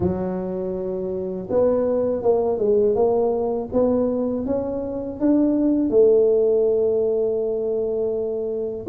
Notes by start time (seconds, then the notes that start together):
0.00 F#3
1.50 B3
2.22 A#3
2.58 G#3
2.95 A#3
3.72 B3
4.46 C#4
5.20 D4
5.90 A3